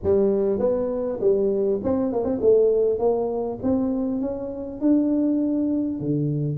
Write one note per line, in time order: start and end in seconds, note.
0.03 0.59 G3
0.59 1.19 B3
1.20 1.80 G3
1.83 2.12 C4
2.12 2.24 A#3
2.24 2.39 C4
2.41 2.98 A3
2.98 3.58 A#3
3.62 4.21 C4
4.21 4.80 C#4
4.80 5.99 D4
5.99 6.57 D3